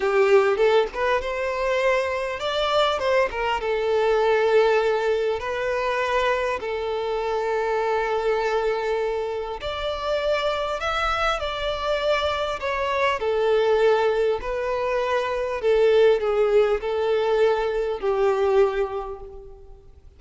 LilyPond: \new Staff \with { instrumentName = "violin" } { \time 4/4 \tempo 4 = 100 g'4 a'8 b'8 c''2 | d''4 c''8 ais'8 a'2~ | a'4 b'2 a'4~ | a'1 |
d''2 e''4 d''4~ | d''4 cis''4 a'2 | b'2 a'4 gis'4 | a'2 g'2 | }